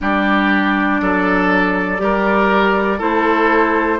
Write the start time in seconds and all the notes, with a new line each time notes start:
0.00 G3 D4 G4 D5
1.01 F#3 A4
1.97 G3 G4 A#4
2.98 A3 E4 A4 C5